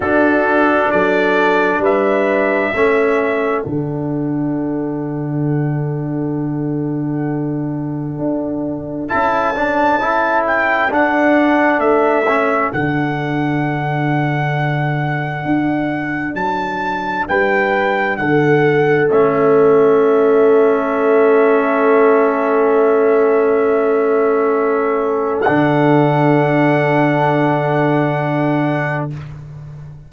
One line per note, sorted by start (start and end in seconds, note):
0.00 0.89 D4
0.00 2.74 D4
0.00 0.91 F#4
0.00 0.91 A4
0.91 1.77 F#3
0.91 1.82 A4
0.91 1.82 D5
1.77 2.68 G3
1.77 2.73 B4
1.84 3.62 E5
2.73 3.65 A3
2.73 3.64 C#4
2.73 17.27 A4
3.62 8.18 D3
3.62 9.09 D4
3.62 9.08 F#5
8.18 9.09 D4
9.08 10.91 C#4
9.08 9.54 E4
9.08 10.44 A5
9.55 10.00 D4
10.00 10.89 E4
10.46 10.92 G5
10.89 12.26 D4
10.89 11.78 D4
10.89 11.80 F#5
11.78 12.69 A3
11.78 12.71 E5
12.27 12.72 C#4
12.72 15.45 D3
12.72 19.08 D4
12.72 16.35 F#5
15.45 16.34 D4
16.34 17.25 F#3
16.34 17.26 A5
17.27 18.18 G3
17.27 18.18 B4
17.27 18.16 G5
18.16 19.09 D3
18.16 29.10 A4
18.16 19.07 F#5
19.08 25.47 A3
19.08 25.45 C#4
19.08 25.41 E5
25.41 29.09 D4
25.41 29.05 F#5
25.48 29.12 D3